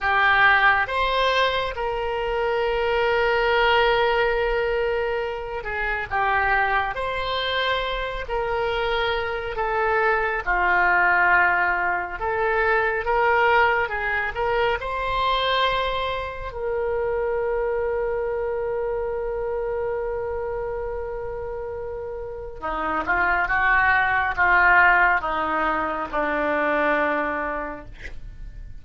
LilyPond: \new Staff \with { instrumentName = "oboe" } { \time 4/4 \tempo 4 = 69 g'4 c''4 ais'2~ | ais'2~ ais'8 gis'8 g'4 | c''4. ais'4. a'4 | f'2 a'4 ais'4 |
gis'8 ais'8 c''2 ais'4~ | ais'1~ | ais'2 dis'8 f'8 fis'4 | f'4 dis'4 d'2 | }